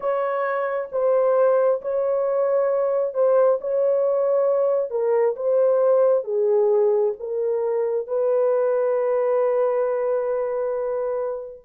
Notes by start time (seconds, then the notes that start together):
0.00 C#5
0.92 C5
1.82 C#5
3.13 C5
3.60 C#5
4.90 A#4
5.36 C5
6.24 G#4
7.19 A#4
8.07 B4